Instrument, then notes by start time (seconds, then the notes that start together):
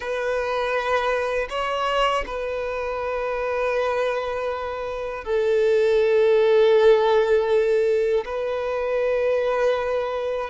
violin
0.00 B4
1.49 C#5
2.26 B4
5.24 A4
8.25 B4